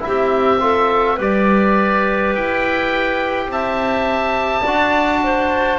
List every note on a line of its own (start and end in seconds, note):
0.00 0.58 E4
0.00 1.20 E5
0.07 1.19 C4
0.07 0.62 G4
0.60 1.18 F4
0.60 1.16 A4
1.16 2.34 G3
1.16 4.65 G4
1.16 3.47 B4
1.16 2.36 D5
2.34 3.48 E4
2.34 3.51 G5
3.48 4.63 C4
3.48 4.62 E5
3.48 5.79 A5
4.62 5.79 D4
4.62 5.79 F#4
4.62 5.20 D5
5.24 5.79 C5